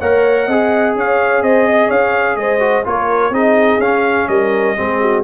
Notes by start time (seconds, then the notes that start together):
0.00 A#3 A#4 C#5 F#5
0.47 C4 G#4 D#5
0.95 C#4 C#5 F5
1.42 C4 C5 D#5
1.67 D#5
1.88 C#4 C#5 F5
2.36 G#3 C5 D#5
2.59 F#4
2.84 A#3 F4 A#4 C#5
3.30 C4 D#4 G#4 D#5
3.79 C#4 F5
4.28 G3 A#4 D#5
4.76 G#3 C4 G#4
5.01 F#4